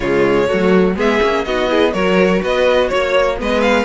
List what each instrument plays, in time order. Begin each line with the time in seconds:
0.00 cello C#3, viola G#3, violin F4 C#5
0.48 cello F#3, viola A3, violin F#4
0.95 cello G#3, viola B3, violin G#4 E5
1.21 cello A#3, viola C#4
1.44 cello B3, viola D#4, violin F#4 D#5
1.68 viola E4, violin G#4
1.93 cello F#3, viola F#4, violin A#4 C#5
2.42 cello B3, violin B4 D#5
2.88 cello A#3, violin C#5
3.37 cello G#3, viola B3, violin B4 D#5
3.61 violin F5